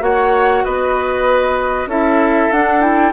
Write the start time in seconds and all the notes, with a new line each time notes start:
0.00 A#3 F#4 C#5 F#5
0.64 B3 B4 D#5
1.86 C#4 E4 A4 E5
2.51 D4 F#5
2.80 E4 G5